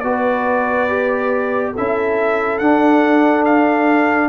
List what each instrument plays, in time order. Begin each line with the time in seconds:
0.00 tuba B3, trombone F#4, horn B4, trumpet D5
0.89 trombone G4
1.73 tuba C#4, trombone E4, horn A4, trumpet E5
2.59 tuba D4, trombone D4, trumpet F#5
3.45 trumpet F5